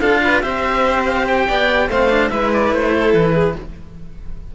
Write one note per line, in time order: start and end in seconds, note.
0.00 0.43 D4
0.00 0.43 F4
0.00 0.21 A4
0.00 0.41 F5
0.24 0.43 B4
0.41 1.47 C4
0.41 1.89 G4
0.41 1.47 C5
0.41 1.04 E5
1.05 1.26 F5
1.28 1.90 G5
1.47 1.89 B3
1.47 1.89 D5
1.89 2.30 A3
1.89 2.10 C4
1.89 2.31 C5
1.89 2.30 F5
2.10 2.30 D4
2.30 2.72 G#3
2.30 3.55 E4
2.30 2.93 B4
2.30 2.51 E5
2.54 2.74 D5
2.72 3.14 A3
2.72 3.14 C5
2.93 3.34 A4
3.14 3.56 E3
3.14 3.55 B4
3.34 3.55 G#4